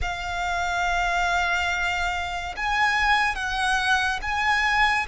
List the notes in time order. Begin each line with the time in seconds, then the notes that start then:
0.01 F5
2.56 G#5
3.35 F#5
4.21 G#5